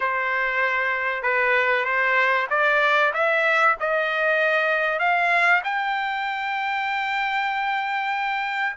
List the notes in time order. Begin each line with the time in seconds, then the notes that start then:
0.00 C5
1.22 B4
1.84 C5
2.50 D5
3.13 E5
3.80 D#5
4.99 F5
5.63 G5